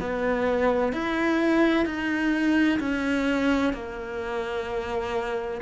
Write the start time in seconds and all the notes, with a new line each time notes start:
0.00 B3
0.93 E4
1.86 D#4
2.80 C#4
3.73 A#3